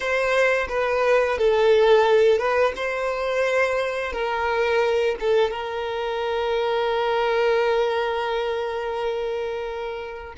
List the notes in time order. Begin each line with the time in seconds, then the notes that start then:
0.00 C5
0.69 B4
1.38 A4
2.38 B4
2.76 C5
4.12 A#4
5.20 A4
5.50 A#4